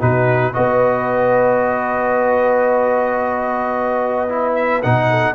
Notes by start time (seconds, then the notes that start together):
0.00 B2 D#4 F#4 B4
0.53 B3 F#4 B4 D#5
4.29 E4
4.56 E5
4.83 B2 D#4 F#5
5.09 A4